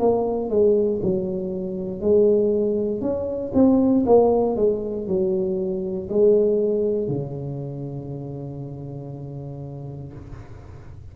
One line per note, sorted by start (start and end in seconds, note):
0.00 0.50 A#3
0.50 1.01 G#3
1.03 2.02 F#3
2.02 3.01 G#3
3.01 3.52 C#4
3.55 4.05 C4
4.07 4.57 A#3
4.57 5.08 G#3
5.08 6.09 F#3
6.10 7.09 G#3
7.09 10.14 C#3